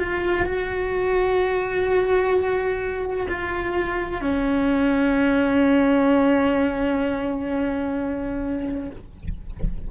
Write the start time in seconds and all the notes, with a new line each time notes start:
0.00 F4
0.46 F#4
3.29 F4
4.21 C#4